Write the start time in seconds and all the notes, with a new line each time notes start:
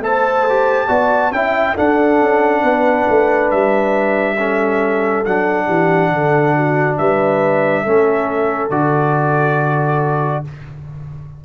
0.00 A3 A4 C5 A5
0.49 G4
0.87 B3 F#4 D5
1.31 C#4 E4 E5 G5
1.74 D4 A4 F#5
2.21 C#4
2.61 B3 B4
3.08 A3
3.50 G3 E5
4.37 C#4 A4
5.24 F#3 D4 F#5
5.66 E3 G4
6.11 D3 A4
6.56 F#4
6.97 G3 B4 E5
7.83 A3 C#4 A4
8.69 D3 F#4 D5